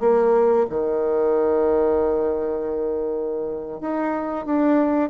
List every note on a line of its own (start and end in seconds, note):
0.00 0.66 A#3
0.70 3.81 D#3
3.81 4.46 D#4
4.46 5.10 D4